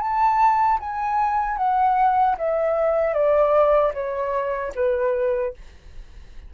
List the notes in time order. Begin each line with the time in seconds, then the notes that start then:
0.00 A5
0.80 G#5
1.57 F#5
2.38 E5
3.14 D5
3.94 C#5
4.75 B4